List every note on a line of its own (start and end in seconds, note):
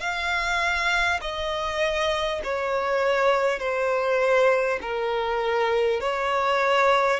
0.00 1.20 F5
1.21 2.41 D#5
2.43 3.59 C#5
3.59 4.79 C5
4.81 6.00 A#4
6.00 7.19 C#5